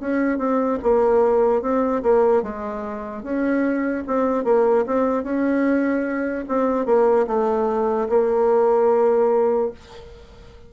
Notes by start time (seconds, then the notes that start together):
0.00 C#4
0.38 C4
0.82 A#3
1.62 C4
2.02 A#3
2.43 G#3
3.23 C#4
4.07 C4
4.44 A#3
4.86 C4
5.23 C#4
6.48 C4
6.86 A#3
7.27 A3
8.09 A#3